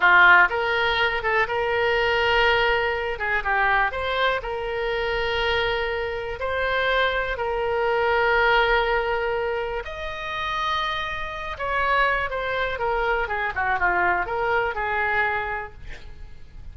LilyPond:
\new Staff \with { instrumentName = "oboe" } { \time 4/4 \tempo 4 = 122 f'4 ais'4. a'8 ais'4~ | ais'2~ ais'8 gis'8 g'4 | c''4 ais'2.~ | ais'4 c''2 ais'4~ |
ais'1 | dis''2.~ dis''8 cis''8~ | cis''4 c''4 ais'4 gis'8 fis'8 | f'4 ais'4 gis'2 | }